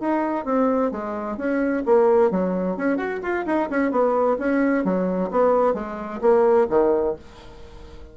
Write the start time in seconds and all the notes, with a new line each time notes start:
0.00 D#4
0.45 C4
0.91 G#3
1.37 C#4
1.86 A#3
2.31 F#3
2.77 C#4
2.97 F#4
3.22 F4
3.46 D#4
3.70 C#4
3.91 B3
4.39 C#4
4.84 F#3
5.31 B3
5.74 G#3
6.21 A#3
6.70 D#3